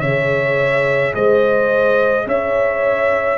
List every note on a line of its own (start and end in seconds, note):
0.00 1.14 C#3
0.00 3.38 G#4
0.00 1.14 C#5
0.00 1.13 E5
1.14 2.26 G#3
1.14 2.26 C5
1.14 2.27 D#5
2.26 3.38 C#4
2.26 3.38 C#5
2.26 3.38 E5